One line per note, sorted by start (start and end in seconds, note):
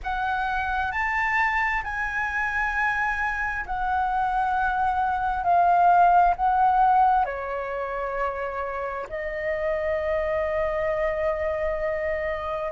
0.03 0.91 F#5
0.91 1.82 A5
1.83 3.65 G#5
3.66 5.43 F#5
5.43 6.34 F5
6.36 7.25 F#5
7.25 9.07 C#5
9.09 12.72 D#5